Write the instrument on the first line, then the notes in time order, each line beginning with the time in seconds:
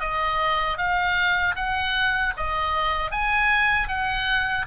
oboe
0.00 D#5
0.77 F5
1.55 F#5
2.37 D#5
3.11 G#5
3.88 F#5